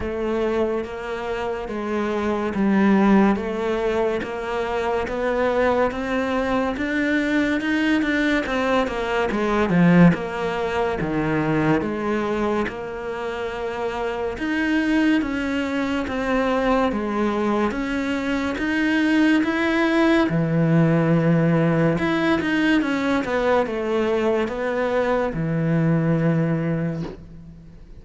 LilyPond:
\new Staff \with { instrumentName = "cello" } { \time 4/4 \tempo 4 = 71 a4 ais4 gis4 g4 | a4 ais4 b4 c'4 | d'4 dis'8 d'8 c'8 ais8 gis8 f8 | ais4 dis4 gis4 ais4~ |
ais4 dis'4 cis'4 c'4 | gis4 cis'4 dis'4 e'4 | e2 e'8 dis'8 cis'8 b8 | a4 b4 e2 | }